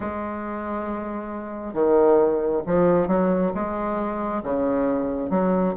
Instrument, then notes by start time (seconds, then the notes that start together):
bassoon
0.00 G#3
1.73 D#3
2.66 F3
3.07 F#3
3.54 G#3
4.43 C#3
5.29 F#3